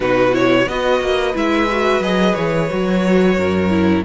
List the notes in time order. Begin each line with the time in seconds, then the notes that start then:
0.00 B2 D#4 F#4 B4
0.31 E4 C#5
0.66 B3 F#4 B4 D#5
1.00 A#3
1.33 G#3 E4 E5
1.70 F#4
2.00 F#3 G#4 D#5
2.34 E3 C#5
2.69 F#3 F#4
3.37 F#2 A#4
3.69 E4